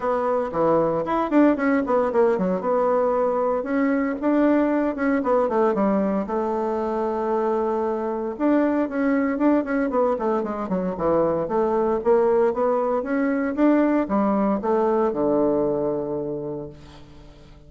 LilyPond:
\new Staff \with { instrumentName = "bassoon" } { \time 4/4 \tempo 4 = 115 b4 e4 e'8 d'8 cis'8 b8 | ais8 fis8 b2 cis'4 | d'4. cis'8 b8 a8 g4 | a1 |
d'4 cis'4 d'8 cis'8 b8 a8 | gis8 fis8 e4 a4 ais4 | b4 cis'4 d'4 g4 | a4 d2. | }